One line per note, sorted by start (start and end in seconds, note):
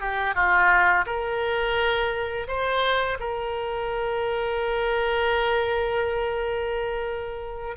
0.00 0.35 G4
0.35 1.05 F4
1.06 2.47 A#4
2.47 3.18 C5
3.19 7.76 A#4